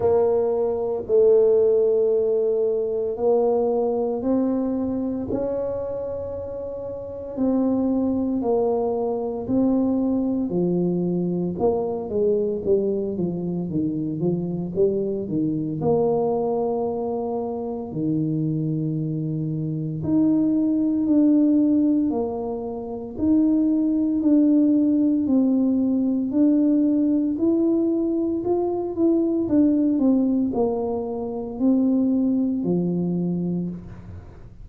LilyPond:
\new Staff \with { instrumentName = "tuba" } { \time 4/4 \tempo 4 = 57 ais4 a2 ais4 | c'4 cis'2 c'4 | ais4 c'4 f4 ais8 gis8 | g8 f8 dis8 f8 g8 dis8 ais4~ |
ais4 dis2 dis'4 | d'4 ais4 dis'4 d'4 | c'4 d'4 e'4 f'8 e'8 | d'8 c'8 ais4 c'4 f4 | }